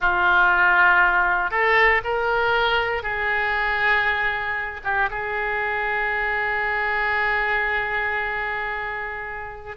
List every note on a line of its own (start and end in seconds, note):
0.00 1.50 F4
1.50 2.01 A4
2.04 3.03 A#4
3.03 4.81 G#4
4.84 5.09 G4
5.10 9.76 G#4